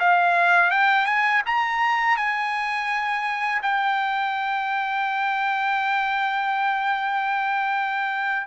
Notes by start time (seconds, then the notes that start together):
0.00 F5
0.71 G5
1.06 G#5
1.46 A#5
2.17 G#5
3.62 G5